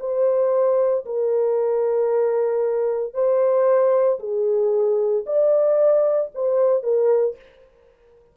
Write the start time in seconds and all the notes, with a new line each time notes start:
0.00 C5
1.06 A#4
3.14 C5
4.20 G#4
5.27 D5
6.35 C5
6.84 A#4